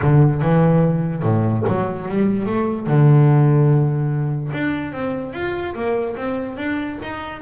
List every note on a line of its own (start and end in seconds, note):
0.01 0.41 D3
0.41 1.22 E3
1.22 1.63 A2
1.67 2.08 F#3
2.08 2.45 G3
2.45 2.86 A3
2.86 4.51 D3
4.52 4.92 D4
4.92 5.33 C4
5.33 5.74 F4
5.74 6.15 A#3
6.16 6.57 C4
6.57 6.98 D4
7.02 7.41 D#4